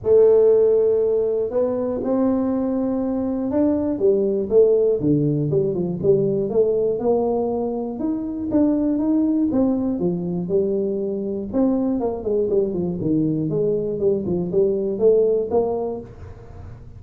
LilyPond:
\new Staff \with { instrumentName = "tuba" } { \time 4/4 \tempo 4 = 120 a2. b4 | c'2. d'4 | g4 a4 d4 g8 f8 | g4 a4 ais2 |
dis'4 d'4 dis'4 c'4 | f4 g2 c'4 | ais8 gis8 g8 f8 dis4 gis4 | g8 f8 g4 a4 ais4 | }